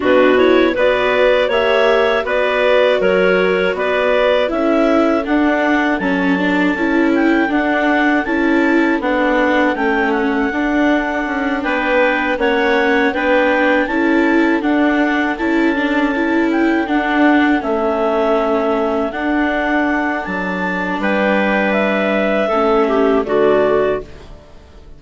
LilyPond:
<<
  \new Staff \with { instrumentName = "clarinet" } { \time 4/4 \tempo 4 = 80 b'8 cis''8 d''4 e''4 d''4 | cis''4 d''4 e''4 fis''4 | a''4. g''8 fis''4 a''4 | fis''4 g''8 fis''2 g''8~ |
g''8 fis''4 g''4 a''4 fis''8~ | fis''8 a''4. g''8 fis''4 e''8~ | e''4. fis''4. a''4 | g''4 e''2 d''4 | }
  \new Staff \with { instrumentName = "clarinet" } { \time 4/4 fis'4 b'4 cis''4 b'4 | ais'4 b'4 a'2~ | a'1~ | a'2.~ a'8 b'8~ |
b'8 cis''4 b'4 a'4.~ | a'1~ | a'1 | b'2 a'8 g'8 fis'4 | }
  \new Staff \with { instrumentName = "viola" } { \time 4/4 d'8 e'8 fis'4 g'4 fis'4~ | fis'2 e'4 d'4 | cis'8 d'8 e'4 d'4 e'4 | d'4 cis'4 d'2~ |
d'8 cis'4 d'4 e'4 d'8~ | d'8 e'8 d'8 e'4 d'4 cis'8~ | cis'4. d'2~ d'8~ | d'2 cis'4 a4 | }
  \new Staff \with { instrumentName = "bassoon" } { \time 4/4 b,4 b4 ais4 b4 | fis4 b4 cis'4 d'4 | fis4 cis'4 d'4 cis'4 | b4 a4 d'4 cis'8 b8~ |
b8 ais4 b4 cis'4 d'8~ | d'8 cis'2 d'4 a8~ | a4. d'4. fis4 | g2 a4 d4 | }
>>